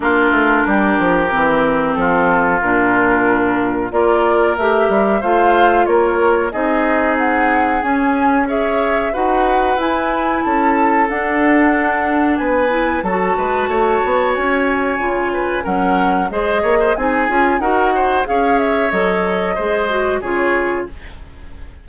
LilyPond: <<
  \new Staff \with { instrumentName = "flute" } { \time 4/4 \tempo 4 = 92 ais'2. a'4 | ais'2 d''4 e''4 | f''4 cis''4 dis''4 fis''4 | gis''4 e''4 fis''4 gis''4 |
a''4 fis''2 gis''4 | a''2 gis''2 | fis''4 dis''4 gis''4 fis''4 | f''8 e''8 dis''2 cis''4 | }
  \new Staff \with { instrumentName = "oboe" } { \time 4/4 f'4 g'2 f'4~ | f'2 ais'2 | c''4 ais'4 gis'2~ | gis'4 cis''4 b'2 |
a'2. b'4 | a'8 b'8 cis''2~ cis''8 b'8 | ais'4 c''8 cis''16 c''16 gis'4 ais'8 c''8 | cis''2 c''4 gis'4 | }
  \new Staff \with { instrumentName = "clarinet" } { \time 4/4 d'2 c'2 | d'2 f'4 g'4 | f'2 dis'2 | cis'4 gis'4 fis'4 e'4~ |
e'4 d'2~ d'8 e'8 | fis'2. f'4 | cis'4 gis'4 dis'8 f'8 fis'4 | gis'4 a'4 gis'8 fis'8 f'4 | }
  \new Staff \with { instrumentName = "bassoon" } { \time 4/4 ais8 a8 g8 f8 e4 f4 | ais,2 ais4 a8 g8 | a4 ais4 c'2 | cis'2 dis'4 e'4 |
cis'4 d'2 b4 | fis8 gis8 a8 b8 cis'4 cis4 | fis4 gis8 ais8 c'8 cis'8 dis'4 | cis'4 fis4 gis4 cis4 | }
>>